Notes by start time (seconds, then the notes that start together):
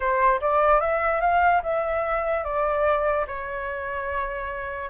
0.00 C5
0.41 D5
0.80 E5
1.20 F5
1.62 E5
2.44 D5
3.27 C#5